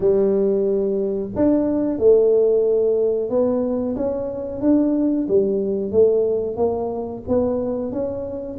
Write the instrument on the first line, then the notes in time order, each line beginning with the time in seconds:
tuba
0.00 G3
1.35 D4
1.98 A3
3.29 B3
3.96 C#4
4.61 D4
5.27 G3
5.91 A3
6.56 A#3
7.27 B3
7.92 C#4